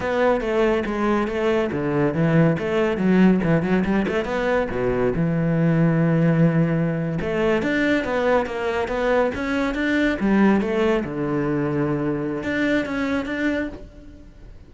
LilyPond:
\new Staff \with { instrumentName = "cello" } { \time 4/4 \tempo 4 = 140 b4 a4 gis4 a4 | d4 e4 a4 fis4 | e8 fis8 g8 a8 b4 b,4 | e1~ |
e8. a4 d'4 b4 ais16~ | ais8. b4 cis'4 d'4 g16~ | g8. a4 d2~ d16~ | d4 d'4 cis'4 d'4 | }